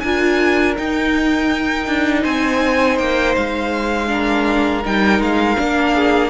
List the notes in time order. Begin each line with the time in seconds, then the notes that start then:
0.00 D4 F4 A#4 G#5
0.76 D#4 G5
1.87 D4
2.22 C4 C5 G#5
2.98 A#3 G5
3.36 G#3 F5
4.08 D4 A#4
4.85 G3 D#4 G5
5.19 G#3 F5
5.56 A#3 D4
5.95 G#4